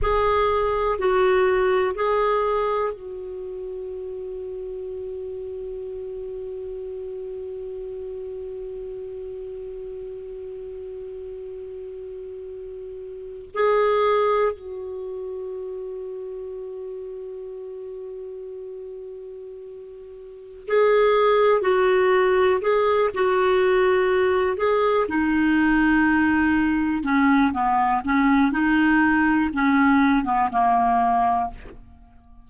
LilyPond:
\new Staff \with { instrumentName = "clarinet" } { \time 4/4 \tempo 4 = 61 gis'4 fis'4 gis'4 fis'4~ | fis'1~ | fis'1~ | fis'4.~ fis'16 gis'4 fis'4~ fis'16~ |
fis'1~ | fis'4 gis'4 fis'4 gis'8 fis'8~ | fis'4 gis'8 dis'2 cis'8 | b8 cis'8 dis'4 cis'8. b16 ais4 | }